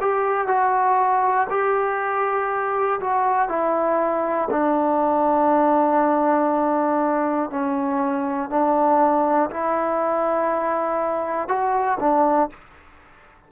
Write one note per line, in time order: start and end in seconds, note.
0.00 0.47 G4
0.47 1.47 F#4
1.49 2.99 G4
3.00 3.48 F#4
3.48 4.48 E4
4.50 7.50 D4
7.50 8.49 C#4
8.49 9.49 D4
9.50 11.48 E4
11.48 11.98 F#4
12.00 12.50 D4